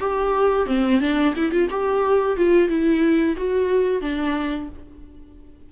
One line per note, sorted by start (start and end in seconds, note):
0.00 0.67 G4
0.67 1.01 C4
1.01 1.34 D4
1.36 1.52 E4
1.52 1.69 F4
1.70 2.37 G4
2.37 2.69 F4
2.69 3.36 E4
3.37 4.01 F#4
4.01 4.69 D4